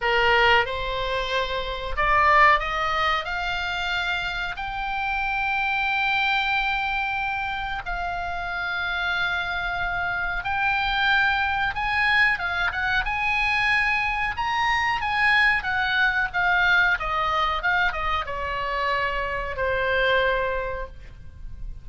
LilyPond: \new Staff \with { instrumentName = "oboe" } { \time 4/4 \tempo 4 = 92 ais'4 c''2 d''4 | dis''4 f''2 g''4~ | g''1 | f''1 |
g''2 gis''4 f''8 fis''8 | gis''2 ais''4 gis''4 | fis''4 f''4 dis''4 f''8 dis''8 | cis''2 c''2 | }